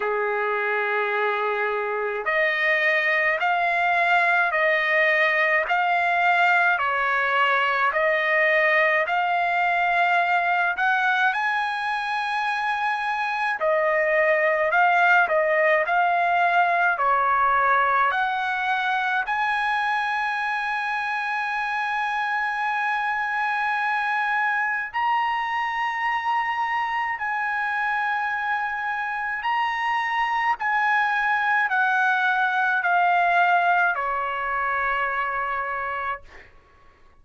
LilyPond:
\new Staff \with { instrumentName = "trumpet" } { \time 4/4 \tempo 4 = 53 gis'2 dis''4 f''4 | dis''4 f''4 cis''4 dis''4 | f''4. fis''8 gis''2 | dis''4 f''8 dis''8 f''4 cis''4 |
fis''4 gis''2.~ | gis''2 ais''2 | gis''2 ais''4 gis''4 | fis''4 f''4 cis''2 | }